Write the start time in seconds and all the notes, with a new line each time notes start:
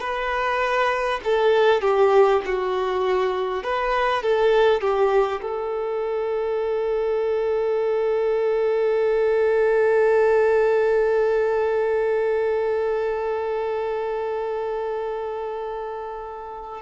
0.00 B4
1.24 A4
1.81 G4
2.45 F#4
3.63 B4
4.22 A4
4.81 G4
5.42 A4